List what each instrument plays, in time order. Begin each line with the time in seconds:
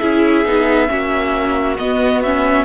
0.00 cello C#4, viola E4, violin G#4 E5
0.46 cello B3, viola D#4
0.88 cello A#3, viola C#4, violin F#4
1.78 cello B3, viola B3, violin D#5
2.23 viola C#4, violin E5